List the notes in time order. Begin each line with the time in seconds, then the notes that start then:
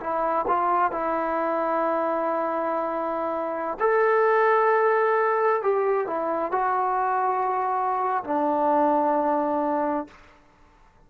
0.00 E4
0.48 F4
0.92 E4
3.80 A4
5.63 G4
6.07 E4
6.52 F#4
8.24 D4